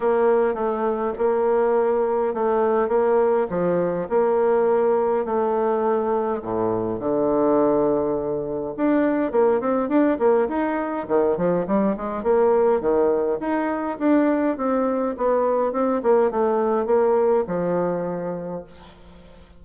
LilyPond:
\new Staff \with { instrumentName = "bassoon" } { \time 4/4 \tempo 4 = 103 ais4 a4 ais2 | a4 ais4 f4 ais4~ | ais4 a2 a,4 | d2. d'4 |
ais8 c'8 d'8 ais8 dis'4 dis8 f8 | g8 gis8 ais4 dis4 dis'4 | d'4 c'4 b4 c'8 ais8 | a4 ais4 f2 | }